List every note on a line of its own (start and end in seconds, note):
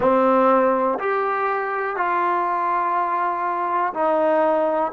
0.00 0.98 C4
0.99 1.96 G4
1.96 3.93 F4
3.93 4.92 D#4